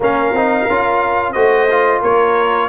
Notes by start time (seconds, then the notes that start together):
0.00 A#3 C#4 A#4 F5
0.32 C4 D#4
0.69 C#4 F4
1.32 A3 F#4 C5 D#5
1.70 F4
2.01 A#3 A#4 C#5